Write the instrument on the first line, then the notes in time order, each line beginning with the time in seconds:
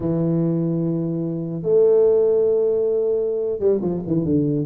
tuba
0.00 E3
1.63 A3
3.59 G3
3.81 F3
4.06 E3
4.24 D3